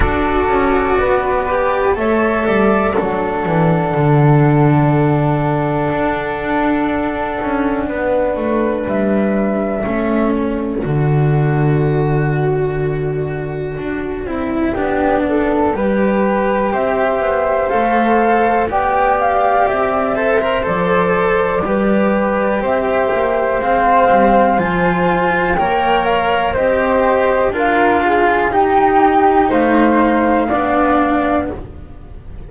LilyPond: <<
  \new Staff \with { instrumentName = "flute" } { \time 4/4 \tempo 4 = 61 d''2 e''4 fis''4~ | fis''1~ | fis''4 e''4. d''4.~ | d''1~ |
d''4 e''4 f''4 g''8 f''8 | e''4 d''2 e''4 | f''4 gis''4 g''8 f''8 dis''4 | f''4 g''4 f''2 | }
  \new Staff \with { instrumentName = "flute" } { \time 4/4 a'4 b'4 cis''8 d''8 a'4~ | a'1 | b'2 a'2~ | a'2. g'8 a'8 |
b'4 c''2 d''4~ | d''8 c''4. b'4 c''4~ | c''2 cis''4 c''4 | ais'8 gis'8 g'4 c''4 d''4 | }
  \new Staff \with { instrumentName = "cello" } { \time 4/4 fis'4. g'8 a'4 d'4~ | d'1~ | d'2 cis'4 fis'4~ | fis'2~ fis'8 e'8 d'4 |
g'2 a'4 g'4~ | g'8 a'16 ais'16 a'4 g'2 | c'4 f'4 ais'4 g'4 | f'4 dis'2 d'4 | }
  \new Staff \with { instrumentName = "double bass" } { \time 4/4 d'8 cis'8 b4 a8 g8 fis8 e8 | d2 d'4. cis'8 | b8 a8 g4 a4 d4~ | d2 d'8 c'8 b4 |
g4 c'8 b8 a4 b4 | c'4 f4 g4 c'8 ais8 | gis8 g8 f4 ais4 c'4 | d'4 dis'4 a4 b4 | }
>>